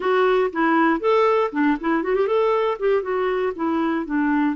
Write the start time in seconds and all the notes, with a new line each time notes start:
0.00 F#4
0.52 E4
1.00 A4
1.51 D4
1.80 E4
2.03 F#4
2.15 G4
2.27 A4
2.79 G4
3.02 F#4
3.55 E4
4.05 D4